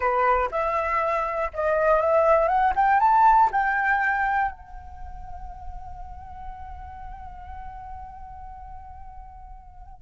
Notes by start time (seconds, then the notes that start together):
0.00 B4
0.51 E5
1.53 D#5
2.00 E5
2.48 F#5
2.75 G5
3.00 A5
3.51 G5
4.51 F#5